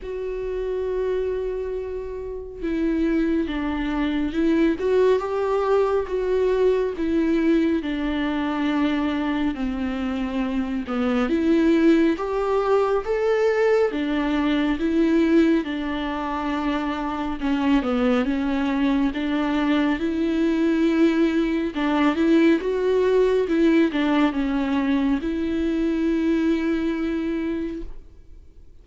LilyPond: \new Staff \with { instrumentName = "viola" } { \time 4/4 \tempo 4 = 69 fis'2. e'4 | d'4 e'8 fis'8 g'4 fis'4 | e'4 d'2 c'4~ | c'8 b8 e'4 g'4 a'4 |
d'4 e'4 d'2 | cis'8 b8 cis'4 d'4 e'4~ | e'4 d'8 e'8 fis'4 e'8 d'8 | cis'4 e'2. | }